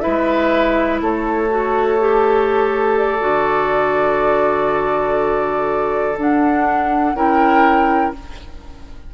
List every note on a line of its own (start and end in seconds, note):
0.00 1.48 E4
0.00 1.01 B4
0.00 0.98 E5
0.06 1.01 G#3
1.01 3.22 A3
1.01 7.16 A4
1.01 2.98 C#5
1.50 1.99 F#4
2.00 3.20 G4
2.98 6.18 D5
3.20 6.17 D3
3.20 6.15 F#4
6.17 7.14 D4
6.17 7.15 D4
6.17 7.15 F#5
7.14 8.12 C#4
7.14 8.14 E4
7.14 8.14 A#4
7.14 8.14 G5